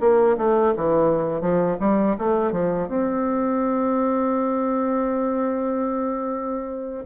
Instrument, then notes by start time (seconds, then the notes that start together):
bassoon
0.00 A#3
0.37 A3
0.76 E3
1.41 F3
1.79 G3
2.18 A3
2.51 F3
2.88 C4